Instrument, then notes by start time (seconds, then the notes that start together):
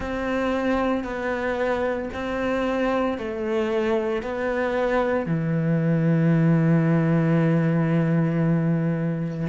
cello
0.00 C4
1.04 B3
2.13 C4
3.18 A3
4.22 B3
5.26 E3